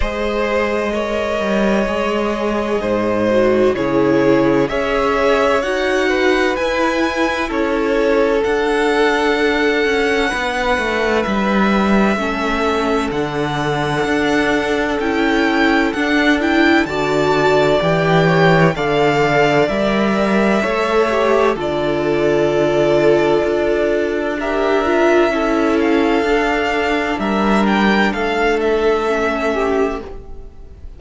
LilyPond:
<<
  \new Staff \with { instrumentName = "violin" } { \time 4/4 \tempo 4 = 64 dis''1 | cis''4 e''4 fis''4 gis''4 | cis''4 fis''2. | e''2 fis''2 |
g''4 fis''8 g''8 a''4 g''4 | f''4 e''2 d''4~ | d''2 e''4. f''8~ | f''4 e''8 g''8 f''8 e''4. | }
  \new Staff \with { instrumentName = "violin" } { \time 4/4 c''4 cis''2 c''4 | gis'4 cis''4. b'4. | a'2. b'4~ | b'4 a'2.~ |
a'2 d''4. cis''8 | d''2 cis''4 a'4~ | a'2 ais'4 a'4~ | a'4 ais'4 a'4. g'8 | }
  \new Staff \with { instrumentName = "viola" } { \time 4/4 gis'4 ais'4 gis'4. fis'8 | e'4 gis'4 fis'4 e'4~ | e'4 d'2.~ | d'4 cis'4 d'2 |
e'4 d'8 e'8 fis'4 g'4 | a'4 ais'4 a'8 g'8 f'4~ | f'2 g'8 f'8 e'4 | d'2. cis'4 | }
  \new Staff \with { instrumentName = "cello" } { \time 4/4 gis4. g8 gis4 gis,4 | cis4 cis'4 dis'4 e'4 | cis'4 d'4. cis'8 b8 a8 | g4 a4 d4 d'4 |
cis'4 d'4 d4 e4 | d4 g4 a4 d4~ | d4 d'2 cis'4 | d'4 g4 a2 | }
>>